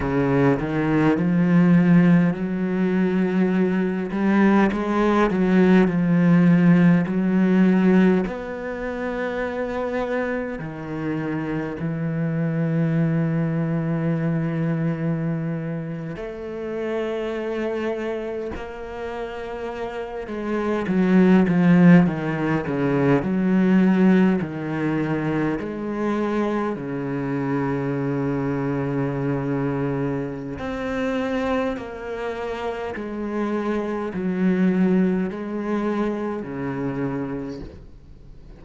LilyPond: \new Staff \with { instrumentName = "cello" } { \time 4/4 \tempo 4 = 51 cis8 dis8 f4 fis4. g8 | gis8 fis8 f4 fis4 b4~ | b4 dis4 e2~ | e4.~ e16 a2 ais16~ |
ais4~ ais16 gis8 fis8 f8 dis8 cis8 fis16~ | fis8. dis4 gis4 cis4~ cis16~ | cis2 c'4 ais4 | gis4 fis4 gis4 cis4 | }